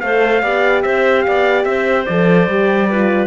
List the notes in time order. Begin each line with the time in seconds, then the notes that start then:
0.00 A3 A4 C5 F5
0.42 B3 G4 D5
0.82 C4 C5 E5
1.21 D5 F5
1.27 B3
1.64 C4 C5 E5
2.05 F3 A4 D5
2.47 G3 G4
2.89 F4 B4